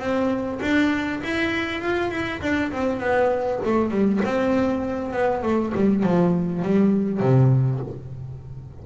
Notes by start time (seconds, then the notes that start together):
0.00 C4
0.62 D4
1.24 E4
1.82 F4
2.12 E4
2.42 D4
2.72 C4
3.00 B3
3.65 A3
3.91 G3
4.25 C4
5.13 B3
5.43 A3
5.75 G3
6.03 F3
6.63 G3
7.21 C3